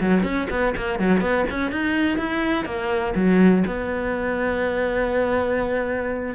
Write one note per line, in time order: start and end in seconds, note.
0.00 0.23 F#3
0.23 0.47 C#4
0.50 0.74 B3
0.76 0.99 A#3
0.99 1.20 F#3
1.20 1.45 B3
1.50 1.71 C#4
1.71 2.18 D#4
2.18 2.65 E4
2.65 3.14 A#3
3.15 3.64 F#3
3.66 6.35 B3